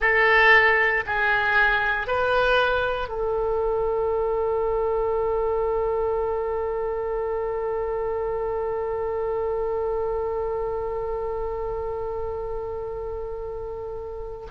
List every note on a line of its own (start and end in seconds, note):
0.00 1.03 A4
1.06 2.07 G#4
2.07 3.08 B4
3.08 14.46 A4